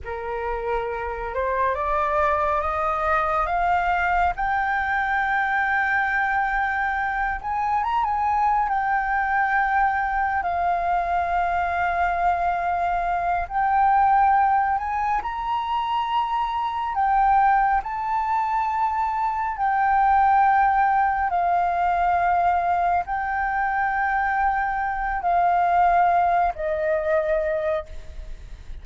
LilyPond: \new Staff \with { instrumentName = "flute" } { \time 4/4 \tempo 4 = 69 ais'4. c''8 d''4 dis''4 | f''4 g''2.~ | g''8 gis''8 ais''16 gis''8. g''2 | f''2.~ f''8 g''8~ |
g''4 gis''8 ais''2 g''8~ | g''8 a''2 g''4.~ | g''8 f''2 g''4.~ | g''4 f''4. dis''4. | }